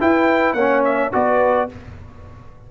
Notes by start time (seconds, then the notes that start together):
0.00 E4 B4 G5
0.54 A#3 C#4 C#5 F#5
0.85 E5
1.12 B3 F#4 B4 D5